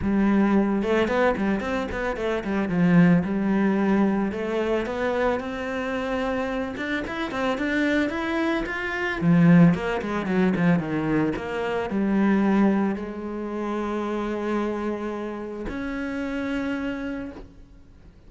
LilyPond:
\new Staff \with { instrumentName = "cello" } { \time 4/4 \tempo 4 = 111 g4. a8 b8 g8 c'8 b8 | a8 g8 f4 g2 | a4 b4 c'2~ | c'8 d'8 e'8 c'8 d'4 e'4 |
f'4 f4 ais8 gis8 fis8 f8 | dis4 ais4 g2 | gis1~ | gis4 cis'2. | }